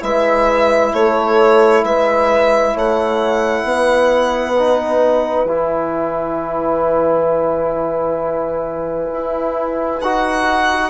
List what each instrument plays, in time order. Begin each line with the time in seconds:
0.00 bassoon G#3, trombone E4, horn B4, violin E5
0.93 bassoon A3, horn A4, violin C#5
1.84 bassoon G#3, horn B4, violin E5
2.74 bassoon A3, horn C#5, violin F#5
3.64 bassoon B3, horn B4
4.58 trombone D#4
5.44 bassoon E3, trombone E4, violin G#5
9.12 bassoon E4
10.01 bassoon D#4, trombone F#4, violin F#5